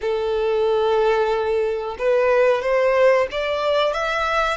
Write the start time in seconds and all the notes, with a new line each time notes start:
0.01 A4
1.98 B4
2.62 C5
3.31 D5
3.93 E5